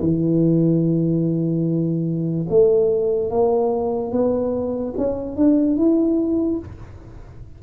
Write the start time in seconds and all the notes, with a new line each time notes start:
0.00 E3
2.49 A3
3.30 A#3
4.12 B3
4.98 C#4
5.36 D4
5.77 E4